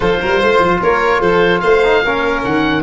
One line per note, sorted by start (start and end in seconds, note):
0.00 0.21 F3
0.00 1.82 F4
0.00 0.19 A4
0.00 0.80 C5
0.20 0.42 G3
0.20 0.40 A#4
0.40 0.59 A3
0.40 0.80 C5
0.59 0.79 F3
0.82 1.20 A#3
0.82 1.20 A#4
0.82 1.21 C#5
1.20 1.61 F3
1.20 1.60 A4
1.20 1.60 C5
1.60 2.03 A3
1.60 2.03 C5
1.60 2.41 F5
1.84 2.04 D#4
2.04 2.44 A#3
2.04 2.83 C#4
2.04 2.83 A#4
2.44 2.83 D#3
2.44 2.83 F#5